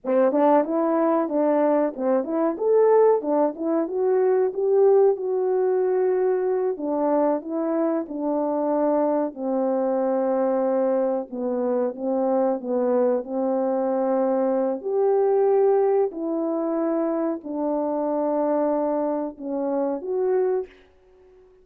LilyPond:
\new Staff \with { instrumentName = "horn" } { \time 4/4 \tempo 4 = 93 c'8 d'8 e'4 d'4 c'8 e'8 | a'4 d'8 e'8 fis'4 g'4 | fis'2~ fis'8 d'4 e'8~ | e'8 d'2 c'4.~ |
c'4. b4 c'4 b8~ | b8 c'2~ c'8 g'4~ | g'4 e'2 d'4~ | d'2 cis'4 fis'4 | }